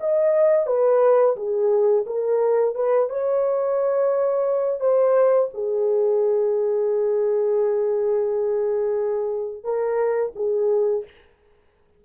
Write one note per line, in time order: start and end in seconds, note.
0.00 0.66 D#5
0.66 1.35 B4
1.36 2.05 G#4
2.06 2.75 A#4
2.75 3.09 B4
3.09 4.80 C#5
4.80 5.49 C5
5.54 9.63 G#4
9.63 10.32 A#4
10.35 11.04 G#4